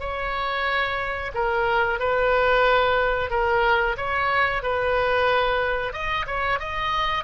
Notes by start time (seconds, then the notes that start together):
0.00 C#5
1.35 A#4
2.00 B4
3.31 A#4
3.97 C#5
4.63 B4
5.93 D#5
6.27 C#5
6.60 D#5